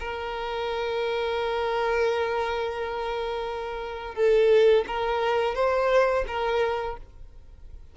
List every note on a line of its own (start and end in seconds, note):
0.00 4.15 A#4
4.15 4.85 A4
4.87 5.55 A#4
5.55 6.25 C5
6.27 6.97 A#4